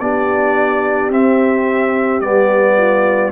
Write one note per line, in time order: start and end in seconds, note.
0.00 1.10 B3
0.00 1.11 D4
0.00 2.78 G4
0.00 1.11 D5
1.10 2.21 C4
1.10 2.22 C4
1.10 2.21 E5
2.21 3.32 G3
2.21 3.32 B3
2.21 3.32 D5
2.78 3.32 F4